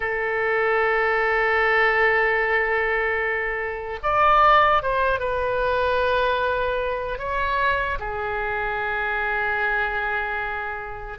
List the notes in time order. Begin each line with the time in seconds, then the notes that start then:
0.00 A4
4.02 D5
4.82 C5
5.19 B4
7.18 C#5
7.99 G#4